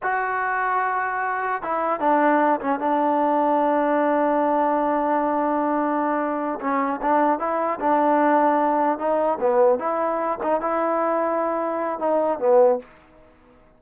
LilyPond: \new Staff \with { instrumentName = "trombone" } { \time 4/4 \tempo 4 = 150 fis'1 | e'4 d'4. cis'8 d'4~ | d'1~ | d'1~ |
d'8 cis'4 d'4 e'4 d'8~ | d'2~ d'8 dis'4 b8~ | b8 e'4. dis'8 e'4.~ | e'2 dis'4 b4 | }